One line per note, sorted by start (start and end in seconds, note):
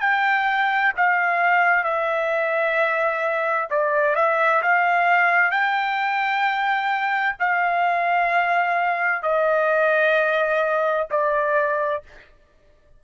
0.00 0.92 G5
0.96 1.83 F5
1.83 3.68 E5
3.70 4.15 D5
4.15 4.61 E5
4.62 5.50 F5
5.50 7.35 G5
7.39 9.22 F5
9.22 11.07 D#5
11.10 12.03 D5